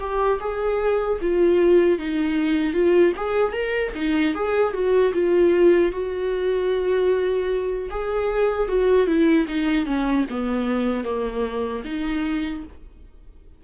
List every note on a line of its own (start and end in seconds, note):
0.00 0.39 G4
0.40 1.19 G#4
1.22 1.99 F4
1.99 2.73 D#4
2.73 3.13 F4
3.17 3.53 G#4
3.53 3.92 A#4
3.95 4.35 D#4
4.35 4.73 G#4
4.73 5.13 F#4
5.14 5.92 F4
5.92 7.89 F#4
7.91 8.68 G#4
8.68 9.07 F#4
9.07 9.46 E4
9.48 9.86 D#4
9.86 10.25 C#4
10.30 11.04 B3
11.04 11.83 A#3
11.85 12.64 D#4